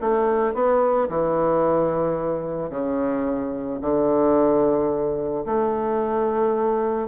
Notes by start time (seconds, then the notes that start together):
0.00 A3
0.54 B3
1.09 E3
2.70 C#3
3.81 D3
5.45 A3